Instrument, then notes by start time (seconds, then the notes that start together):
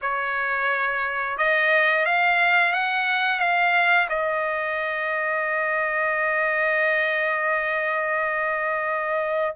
trumpet
0.01 C#5
1.37 D#5
2.05 F5
2.72 F#5
3.39 F5
4.09 D#5